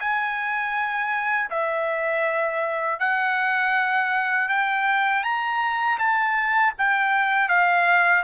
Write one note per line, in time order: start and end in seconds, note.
0.00 1.50 G#5
1.50 3.00 E5
3.00 4.49 F#5
4.49 5.24 G5
5.24 5.99 A#5
5.99 6.74 A5
6.78 7.49 G5
7.49 8.24 F5